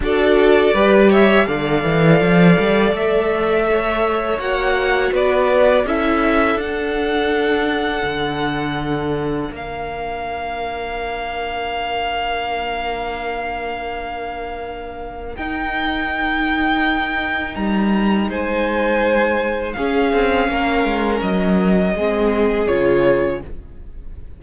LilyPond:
<<
  \new Staff \with { instrumentName = "violin" } { \time 4/4 \tempo 4 = 82 d''4. e''8 f''2 | e''2 fis''4 d''4 | e''4 fis''2.~ | fis''4 f''2.~ |
f''1~ | f''4 g''2. | ais''4 gis''2 f''4~ | f''4 dis''2 cis''4 | }
  \new Staff \with { instrumentName = "violin" } { \time 4/4 a'4 b'8 cis''8 d''2~ | d''4 cis''2 b'4 | a'1~ | a'4 ais'2.~ |
ais'1~ | ais'1~ | ais'4 c''2 gis'4 | ais'2 gis'2 | }
  \new Staff \with { instrumentName = "viola" } { \time 4/4 fis'4 g'4 a'2~ | a'2 fis'2 | e'4 d'2.~ | d'1~ |
d'1~ | d'4 dis'2.~ | dis'2. cis'4~ | cis'2 c'4 f'4 | }
  \new Staff \with { instrumentName = "cello" } { \time 4/4 d'4 g4 d8 e8 f8 g8 | a2 ais4 b4 | cis'4 d'2 d4~ | d4 ais2.~ |
ais1~ | ais4 dis'2. | g4 gis2 cis'8 c'8 | ais8 gis8 fis4 gis4 cis4 | }
>>